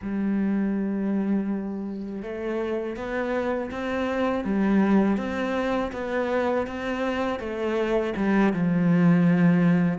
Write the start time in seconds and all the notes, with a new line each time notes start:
0.02 G3
2.22 A3
2.96 B3
3.71 C4
4.44 G3
5.17 C4
5.92 B3
6.67 C4
7.39 A3
8.16 G3
8.53 F3